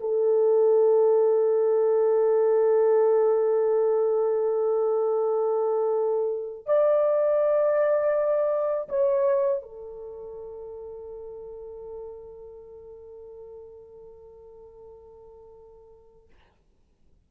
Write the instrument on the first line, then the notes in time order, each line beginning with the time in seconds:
horn
0.00 A4
6.66 D5
8.89 C#5
9.62 A4